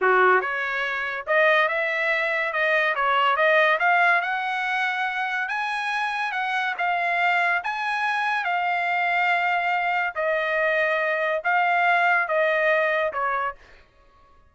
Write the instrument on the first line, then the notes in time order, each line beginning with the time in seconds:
trumpet
0.01 F#4
0.41 C#5
1.26 D#5
1.68 E5
2.52 D#5
2.95 C#5
3.36 D#5
3.79 F5
4.21 F#5
5.48 G#5
6.32 F#5
6.78 F5
7.63 G#5
8.44 F5
10.15 D#5
11.44 F5
12.27 D#5
13.13 C#5